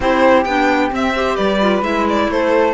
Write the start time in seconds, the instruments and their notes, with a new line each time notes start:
0.00 cello C4, clarinet E4, flute G4, violin C5
0.44 cello B3, clarinet D4, violin G5
0.90 clarinet C4, cello C4, violin E5
1.14 clarinet G4, flute C5
1.35 cello G3, flute B4, violin D5
1.60 clarinet F4
1.82 cello G#3, clarinet E4, violin E5
2.09 violin D5
2.29 cello A3, flute A4, violin C5